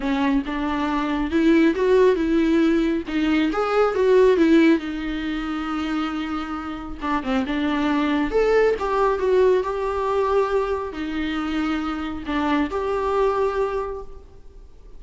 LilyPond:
\new Staff \with { instrumentName = "viola" } { \time 4/4 \tempo 4 = 137 cis'4 d'2 e'4 | fis'4 e'2 dis'4 | gis'4 fis'4 e'4 dis'4~ | dis'1 |
d'8 c'8 d'2 a'4 | g'4 fis'4 g'2~ | g'4 dis'2. | d'4 g'2. | }